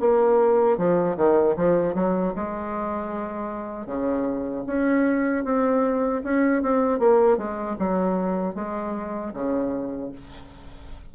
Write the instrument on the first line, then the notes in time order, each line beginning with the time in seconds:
bassoon
0.00 A#3
0.78 F3
1.17 D#3
1.57 F3
1.94 F#3
2.36 G#3
3.86 C#3
4.66 C#4
5.44 C4
6.24 C#4
6.62 C4
6.99 A#3
7.37 G#3
7.79 F#3
8.55 G#3
9.34 C#3